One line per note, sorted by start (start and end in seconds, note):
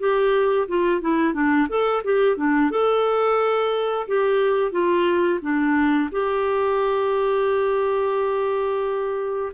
0.00 0.68 G4
0.68 1.02 F4
1.02 1.34 E4
1.34 1.68 D4
1.69 2.03 A4
2.05 2.37 G4
2.37 2.71 D4
2.71 4.08 A4
4.08 4.72 G4
4.72 5.40 F4
5.42 6.10 D4
6.12 9.53 G4